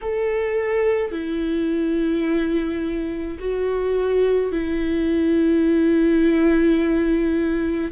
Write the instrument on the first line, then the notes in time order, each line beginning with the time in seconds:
viola
0.01 A4
1.11 E4
3.39 F#4
4.52 E4